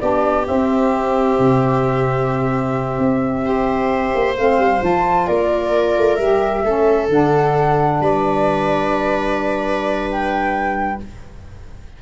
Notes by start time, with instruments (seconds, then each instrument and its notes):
0.00 tuba B3, saxophone D4, viola G4, flute D5
0.44 saxophone C4, tuba C4, flute E5
1.39 tuba C3
2.98 tuba C4
3.43 saxophone G4, viola C5
4.15 tuba A#3
4.37 tuba A3, saxophone C4, flute F5
4.58 tuba G3
4.80 tuba F3, saxophone F4, flute A5
5.27 tuba A#3, viola A#4, flute D5
5.97 tuba A3
6.16 tuba G3, saxophone G4, flute E5
6.63 tuba A3, saxophone C#4, viola A4
7.09 tuba D3, saxophone D4, flute F#5
8.00 tuba G3, viola B4, flute D5
10.10 flute G5